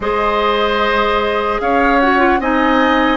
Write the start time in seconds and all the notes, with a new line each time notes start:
0.00 G#3 G#4 C5 D#5
1.60 C#4 C#5 F5
2.00 F#4 F#5
2.18 F4
2.39 C4 D#4 D#5 G#5